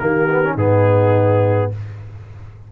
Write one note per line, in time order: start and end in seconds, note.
0.00 0.56 D#3
0.00 0.29 A#3
0.00 0.55 G4
0.00 0.57 A#4
0.31 0.44 B3
0.44 0.58 C#4
0.55 1.70 G#2
0.55 1.72 B3
0.55 1.69 D#4
0.55 1.72 G#4